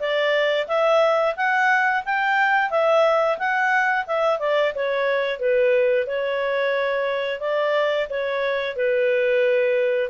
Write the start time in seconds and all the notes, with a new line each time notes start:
0.00 D5
0.68 E5
1.37 F#5
2.06 G5
2.71 E5
3.39 F#5
4.07 E5
4.40 D5
4.75 C#5
5.40 B4
6.07 C#5
7.40 D5
8.10 C#5
8.76 B4